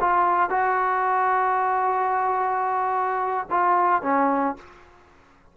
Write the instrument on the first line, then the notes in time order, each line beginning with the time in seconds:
trombone
0.00 F4
0.50 F#4
3.50 F4
4.02 C#4